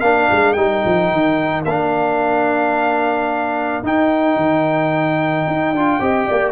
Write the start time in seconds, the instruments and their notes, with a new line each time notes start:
0.00 tuba A#3, trombone D4, horn A#4, trumpet F5
0.31 tuba G#3
0.53 tuba G3, trombone D#4, trumpet G5
0.85 tuba F3
1.12 tuba D#3
1.64 tuba A#3, trombone D4, trumpet F5
3.83 tuba D#4, trombone D#4, trumpet G5
4.36 tuba D#3
5.47 tuba D#4
5.72 tuba D4, trombone F4
6.00 tuba C4, trombone G4, horn D#5
6.27 tuba A#3, horn D5